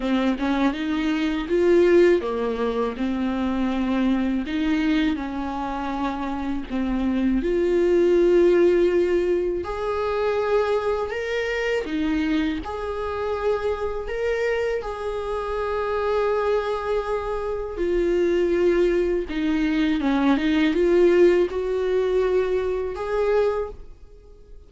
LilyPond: \new Staff \with { instrumentName = "viola" } { \time 4/4 \tempo 4 = 81 c'8 cis'8 dis'4 f'4 ais4 | c'2 dis'4 cis'4~ | cis'4 c'4 f'2~ | f'4 gis'2 ais'4 |
dis'4 gis'2 ais'4 | gis'1 | f'2 dis'4 cis'8 dis'8 | f'4 fis'2 gis'4 | }